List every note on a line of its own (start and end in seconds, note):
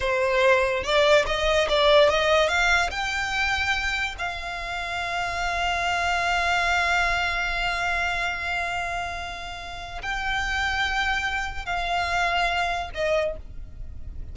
0.00 0.83 C5
0.83 1.25 D5
1.26 1.68 D#5
1.68 2.09 D5
2.09 2.48 D#5
2.48 2.90 F5
2.90 4.15 G5
4.18 10.01 F5
10.02 11.65 G5
11.65 12.90 F5
12.94 13.36 D#5